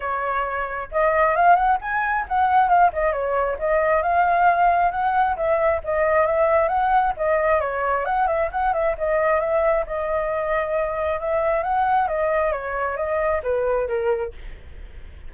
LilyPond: \new Staff \with { instrumentName = "flute" } { \time 4/4 \tempo 4 = 134 cis''2 dis''4 f''8 fis''8 | gis''4 fis''4 f''8 dis''8 cis''4 | dis''4 f''2 fis''4 | e''4 dis''4 e''4 fis''4 |
dis''4 cis''4 fis''8 e''8 fis''8 e''8 | dis''4 e''4 dis''2~ | dis''4 e''4 fis''4 dis''4 | cis''4 dis''4 b'4 ais'4 | }